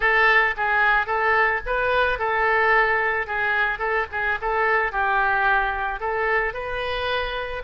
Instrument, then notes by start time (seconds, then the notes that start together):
oboe
0.00 A4
0.57 G#4
1.06 A4
1.66 B4
2.18 A4
3.27 G#4
3.78 A4
4.11 G#4
4.41 A4
4.92 G4
6.00 A4
6.53 B4